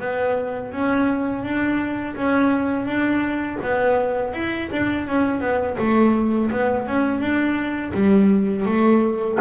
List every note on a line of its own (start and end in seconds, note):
0.00 0.72 B3
0.72 1.43 C#4
1.43 2.16 D4
2.16 2.86 C#4
2.86 3.58 D4
3.62 4.34 B3
4.34 4.70 E4
4.72 5.07 D4
5.07 5.40 C#4
5.40 5.76 B3
5.78 6.51 A3
6.52 6.87 B3
6.87 7.20 C#4
7.20 7.92 D4
7.94 8.66 G3
8.66 9.38 A3